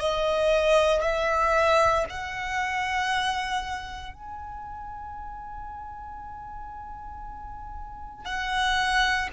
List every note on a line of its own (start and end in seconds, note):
0.00 1.02 D#5
1.02 2.05 E5
2.10 4.14 F#5
4.14 8.26 G#5
8.26 9.29 F#5